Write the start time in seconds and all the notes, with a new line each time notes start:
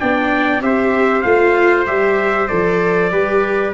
0.00 B3 D4 D5 G5
0.61 C4 G4 C5 E5
1.22 A3 F4 F5
1.86 G3 G4 E5
2.48 F3 A4 D5
3.11 G3 G4 B4